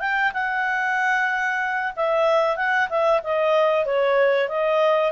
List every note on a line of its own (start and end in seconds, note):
0.00 0.32 G5
0.33 1.93 F#5
1.96 2.57 E5
2.57 2.89 F#5
2.89 3.21 E5
3.24 3.85 D#5
3.85 4.49 C#5
4.49 5.12 D#5